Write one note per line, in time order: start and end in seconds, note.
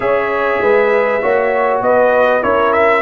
0.00 0.59 C#4
0.00 1.21 G#4
0.00 0.62 C#5
0.00 1.79 E5
0.60 1.21 G#3
0.60 1.22 B4
1.22 1.81 A#3
1.22 2.42 F#4
1.22 1.82 C#5
1.81 2.42 B3
1.81 2.44 B4
1.81 2.43 D#5
2.42 3.01 C#4
2.42 3.01 E4
2.42 3.01 A#4
2.42 2.72 C#5
2.72 3.01 E5